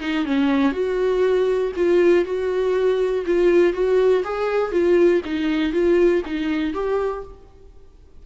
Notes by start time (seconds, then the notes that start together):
0.00 D#4
0.25 C#4
0.72 F#4
1.76 F4
2.25 F#4
3.25 F4
3.73 F#4
4.24 G#4
4.71 F4
5.24 D#4
5.72 F4
6.25 D#4
6.73 G4